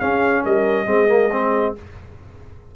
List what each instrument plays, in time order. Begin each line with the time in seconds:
0.00 trombone C#4, tuba C#4, horn G#4, trumpet F5
0.44 tuba G3, horn A#4, trumpet D#5
0.86 tuba G#3, trombone C4, horn G#4
1.08 trombone A#3
1.32 trombone C4